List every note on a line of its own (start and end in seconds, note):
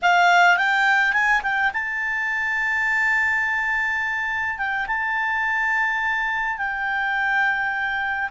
0.02 0.57 F5
0.57 1.12 G5
1.12 1.41 G#5
1.42 1.71 G5
1.73 4.58 A5
4.58 4.86 G5
4.87 6.57 A5
6.57 8.29 G5